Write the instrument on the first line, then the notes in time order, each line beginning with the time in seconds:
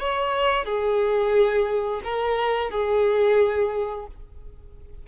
violin
0.00 C#5
0.65 G#4
2.04 A#4
2.71 G#4